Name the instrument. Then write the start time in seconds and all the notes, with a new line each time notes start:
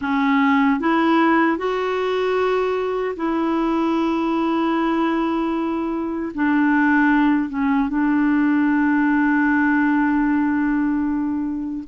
clarinet
0.01 C#4
0.80 E4
1.57 F#4
3.16 E4
6.34 D4
7.49 C#4
7.88 D4